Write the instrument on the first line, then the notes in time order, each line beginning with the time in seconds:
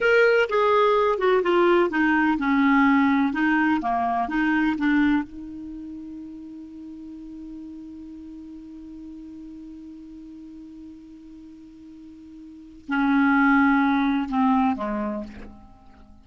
clarinet
0.01 A#4
0.49 G#4
1.18 F#4
1.42 F4
1.90 D#4
2.37 C#4
3.32 D#4
3.81 A#3
4.28 D#4
4.78 D4
5.23 D#4
12.88 C#4
14.29 C4
14.76 G#3